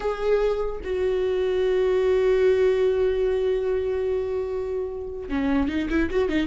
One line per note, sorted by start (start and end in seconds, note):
0.00 0.81 G#4
0.83 5.29 F#4
5.29 5.68 C#4
5.68 5.88 D#4
5.89 6.09 E4
6.10 6.28 F#4
6.28 6.46 D#4